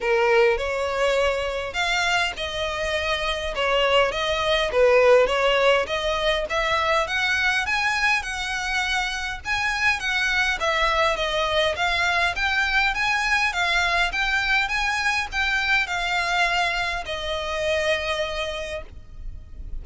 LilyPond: \new Staff \with { instrumentName = "violin" } { \time 4/4 \tempo 4 = 102 ais'4 cis''2 f''4 | dis''2 cis''4 dis''4 | b'4 cis''4 dis''4 e''4 | fis''4 gis''4 fis''2 |
gis''4 fis''4 e''4 dis''4 | f''4 g''4 gis''4 f''4 | g''4 gis''4 g''4 f''4~ | f''4 dis''2. | }